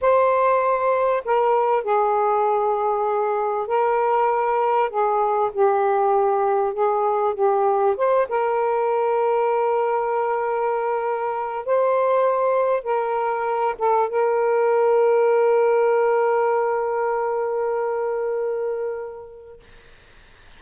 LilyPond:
\new Staff \with { instrumentName = "saxophone" } { \time 4/4 \tempo 4 = 98 c''2 ais'4 gis'4~ | gis'2 ais'2 | gis'4 g'2 gis'4 | g'4 c''8 ais'2~ ais'8~ |
ais'2. c''4~ | c''4 ais'4. a'8 ais'4~ | ais'1~ | ais'1 | }